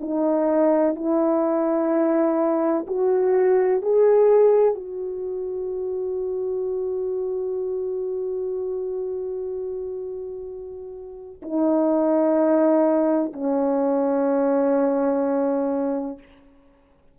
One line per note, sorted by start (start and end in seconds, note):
0.00 0.95 D#4
0.95 2.85 E4
2.87 3.81 F#4
3.81 4.74 G#4
4.74 11.41 F#4
11.42 13.32 D#4
13.32 16.18 C#4